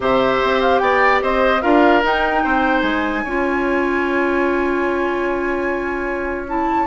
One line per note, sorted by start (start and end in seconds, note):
0.00 0.40 C3
0.00 1.61 G4
0.00 0.82 C5
0.00 0.61 E5
0.43 0.81 C4
0.61 0.78 F5
0.78 1.21 B3
0.78 1.22 D5
0.78 1.19 G5
1.22 1.63 C4
1.22 1.62 C5
1.22 1.61 D#5
1.61 2.03 D4
1.61 2.02 F4
1.61 2.43 A#4
1.61 2.02 F5
2.03 2.44 D#4
2.03 3.26 D#4
2.03 2.80 G5
2.44 2.82 C4
2.44 3.24 C5
2.80 3.23 G#3
2.80 6.45 G#5
3.24 6.86 C#4
3.24 6.48 F4
3.24 6.86 C#5
6.48 6.86 E4
6.48 6.86 A5